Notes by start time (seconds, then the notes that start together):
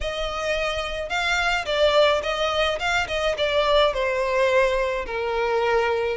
0.01 D#5
1.09 F5
1.65 D5
2.22 D#5
2.79 F5
3.07 D#5
3.37 D5
3.93 C5
5.06 A#4